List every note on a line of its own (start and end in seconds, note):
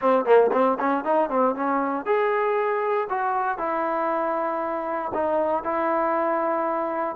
0.01 0.25 C4
0.25 0.51 A#3
0.52 0.78 C4
0.79 1.04 C#4
1.04 1.29 D#4
1.29 1.55 C4
1.55 2.05 C#4
2.05 3.08 G#4
3.09 3.58 F#4
3.58 5.11 E4
5.14 5.63 D#4
5.63 7.15 E4